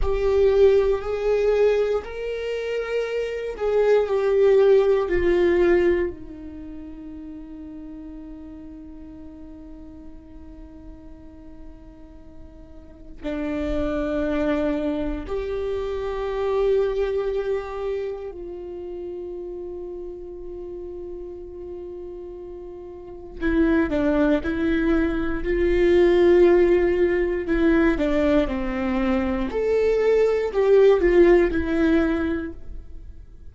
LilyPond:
\new Staff \with { instrumentName = "viola" } { \time 4/4 \tempo 4 = 59 g'4 gis'4 ais'4. gis'8 | g'4 f'4 dis'2~ | dis'1~ | dis'4 d'2 g'4~ |
g'2 f'2~ | f'2. e'8 d'8 | e'4 f'2 e'8 d'8 | c'4 a'4 g'8 f'8 e'4 | }